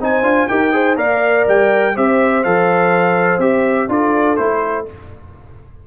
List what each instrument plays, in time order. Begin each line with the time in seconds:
0.00 tuba C4, trombone D#4, horn C5, trumpet G#5
0.22 tuba D4, trombone F4
0.47 tuba D#4, trombone G4, horn A#4, trumpet G5
0.72 trombone G#4, horn C5
0.96 tuba A#3, trombone A#4, horn D5, trumpet F5
1.48 tuba G3, trumpet G5
1.94 tuba C4, trombone G4, horn C5, trumpet E5
2.43 tuba F3, trombone A4, trumpet F5
3.38 tuba C4, trombone G4, trumpet E5
3.88 tuba D4, trombone F4, horn A4, trumpet D5
4.36 tuba A3, trombone E4, trumpet C5